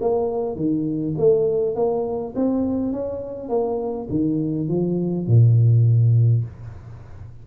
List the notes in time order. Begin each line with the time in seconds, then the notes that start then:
0.00 A#3
0.56 D#3
1.17 A3
1.75 A#3
2.35 C4
2.92 C#4
3.49 A#3
4.10 D#3
4.68 F3
5.27 A#2